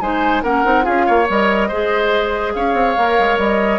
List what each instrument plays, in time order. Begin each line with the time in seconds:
0.00 bassoon G#3, clarinet D#4, oboe C5, flute G#5
0.43 bassoon A#3, clarinet C#4, oboe A#4, flute F#5
0.64 bassoon C4, clarinet D#4
0.82 bassoon C#4, clarinet F4, oboe G#4, flute F5
1.06 bassoon A#3, oboe C#5
1.28 bassoon G3, clarinet A#4, flute D#5
1.68 bassoon G#3, clarinet G#4, oboe C5
2.54 bassoon C#4, oboe C#5, flute F5
2.73 bassoon C4
2.97 bassoon A#3, clarinet A#4
3.18 bassoon G#3
3.38 bassoon G3, flute D#5